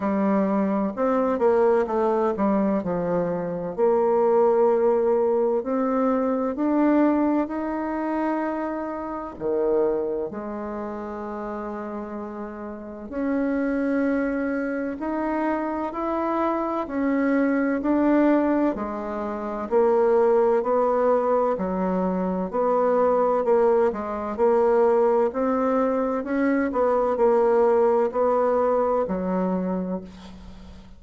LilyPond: \new Staff \with { instrumentName = "bassoon" } { \time 4/4 \tempo 4 = 64 g4 c'8 ais8 a8 g8 f4 | ais2 c'4 d'4 | dis'2 dis4 gis4~ | gis2 cis'2 |
dis'4 e'4 cis'4 d'4 | gis4 ais4 b4 fis4 | b4 ais8 gis8 ais4 c'4 | cis'8 b8 ais4 b4 fis4 | }